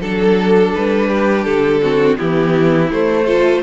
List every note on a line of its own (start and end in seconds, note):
0.00 0.72 F#3
0.00 1.82 D4
0.00 0.72 A4
0.00 1.09 A4
0.75 1.46 G3
0.75 1.44 B4
1.09 1.81 G4
1.44 2.18 D3
1.44 2.16 A4
1.82 2.16 C4
1.82 2.17 F#4
2.16 2.92 E3
2.16 2.89 B3
2.16 3.25 E4
2.16 2.90 G4
2.91 3.27 A3
2.91 3.63 A3
2.91 3.63 C5
3.25 3.63 F4
3.25 3.61 A4